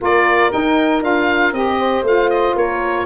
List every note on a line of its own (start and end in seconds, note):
0.00 0.52 A#3
0.00 0.50 F4
0.00 1.79 A#4
0.00 0.51 D5
0.50 1.01 D#4
0.50 1.03 G5
1.01 1.52 D4
1.01 1.52 F4
1.01 1.53 F5
1.52 2.02 C4
1.52 2.04 G4
1.52 2.05 D#5
1.79 2.55 C5
2.02 2.53 A3
2.02 3.06 F4
2.02 2.30 F5
2.30 2.55 D#5
2.55 3.06 A#3
2.55 3.06 A#4
2.55 3.06 C#5